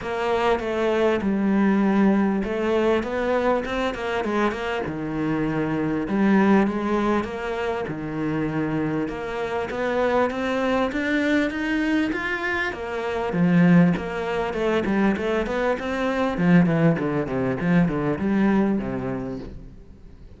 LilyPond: \new Staff \with { instrumentName = "cello" } { \time 4/4 \tempo 4 = 99 ais4 a4 g2 | a4 b4 c'8 ais8 gis8 ais8 | dis2 g4 gis4 | ais4 dis2 ais4 |
b4 c'4 d'4 dis'4 | f'4 ais4 f4 ais4 | a8 g8 a8 b8 c'4 f8 e8 | d8 c8 f8 d8 g4 c4 | }